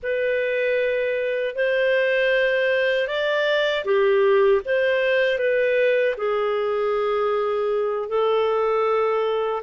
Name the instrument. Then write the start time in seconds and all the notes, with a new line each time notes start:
clarinet
0.02 B4
1.55 C5
3.07 D5
3.84 G4
4.65 C5
5.38 B4
6.17 G#4
8.08 A4